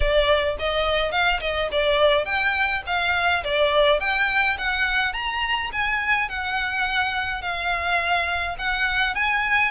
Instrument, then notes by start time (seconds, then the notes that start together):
violin
0.00 D5
0.58 D#5
1.11 F5
1.40 D#5
1.71 D5
2.25 G5
2.86 F5
3.44 D5
4.00 G5
4.57 F#5
5.13 A#5
5.72 G#5
6.29 F#5
7.41 F5
8.58 F#5
9.14 G#5